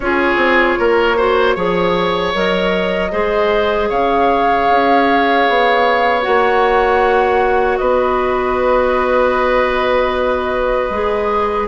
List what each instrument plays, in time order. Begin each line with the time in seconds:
0.00 bassoon C#4, clarinet F4, oboe G#4, flute C#5
0.36 bassoon C4
0.79 bassoon A#3, oboe A#4
1.17 clarinet F#4, oboe C5
1.55 bassoon F3, clarinet G#4, oboe C#5
2.33 bassoon F#3, clarinet A#4, flute D#5
3.11 bassoon G#3, clarinet G#4, oboe C5
3.88 bassoon C#3, oboe C#5, flute F5
4.70 bassoon C#4
5.48 bassoon B3
6.21 bassoon A#3, clarinet F#4, flute F#5
7.77 bassoon B3, oboe B4, flute D#5
10.89 bassoon G#3, clarinet G#4